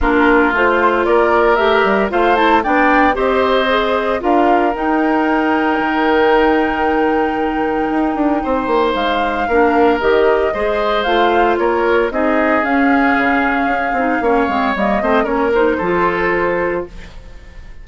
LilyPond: <<
  \new Staff \with { instrumentName = "flute" } { \time 4/4 \tempo 4 = 114 ais'4 c''4 d''4 e''4 | f''8 a''8 g''4 dis''2 | f''4 g''2.~ | g''1~ |
g''4 f''2 dis''4~ | dis''4 f''4 cis''4 dis''4 | f''1 | dis''4 cis''8 c''2~ c''8 | }
  \new Staff \with { instrumentName = "oboe" } { \time 4/4 f'2 ais'2 | c''4 d''4 c''2 | ais'1~ | ais'1 |
c''2 ais'2 | c''2 ais'4 gis'4~ | gis'2. cis''4~ | cis''8 c''8 ais'4 a'2 | }
  \new Staff \with { instrumentName = "clarinet" } { \time 4/4 d'4 f'2 g'4 | f'8 e'8 d'4 g'4 gis'4 | f'4 dis'2.~ | dis'1~ |
dis'2 d'4 g'4 | gis'4 f'2 dis'4 | cis'2~ cis'8 dis'8 cis'8 c'8 | ais8 c'8 cis'8 dis'8 f'2 | }
  \new Staff \with { instrumentName = "bassoon" } { \time 4/4 ais4 a4 ais4 a8 g8 | a4 b4 c'2 | d'4 dis'2 dis4~ | dis2. dis'8 d'8 |
c'8 ais8 gis4 ais4 dis4 | gis4 a4 ais4 c'4 | cis'4 cis4 cis'8 c'8 ais8 gis8 | g8 a8 ais4 f2 | }
>>